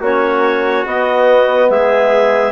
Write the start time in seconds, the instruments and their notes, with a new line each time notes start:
0.00 bassoon A#3, trombone C#4, trumpet F#4, clarinet C#5
0.86 bassoon B3, trombone B3, clarinet D#5
1.70 bassoon G#3, trumpet G#4, clarinet E5